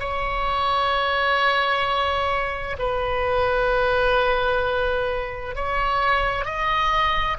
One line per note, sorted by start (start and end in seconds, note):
0.00 2.77 C#5
2.79 5.56 B4
5.56 6.45 C#5
6.45 7.37 D#5